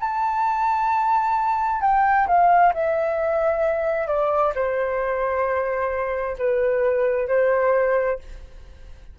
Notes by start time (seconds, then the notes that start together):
0.00 A5
1.82 G5
2.28 F5
2.74 E5
4.07 D5
4.55 C5
6.38 B4
7.28 C5